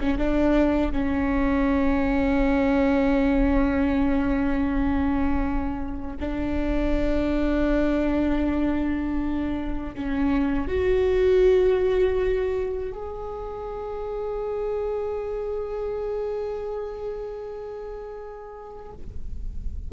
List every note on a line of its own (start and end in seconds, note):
0.00 0.18 C#4
0.18 0.92 D4
0.92 6.17 C#4
6.20 9.95 D4
9.95 10.67 C#4
10.67 12.92 F#4
12.92 18.92 G#4